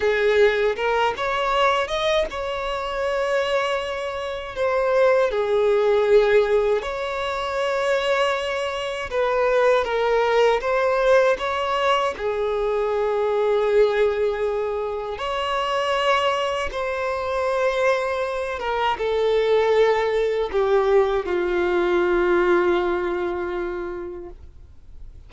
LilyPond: \new Staff \with { instrumentName = "violin" } { \time 4/4 \tempo 4 = 79 gis'4 ais'8 cis''4 dis''8 cis''4~ | cis''2 c''4 gis'4~ | gis'4 cis''2. | b'4 ais'4 c''4 cis''4 |
gis'1 | cis''2 c''2~ | c''8 ais'8 a'2 g'4 | f'1 | }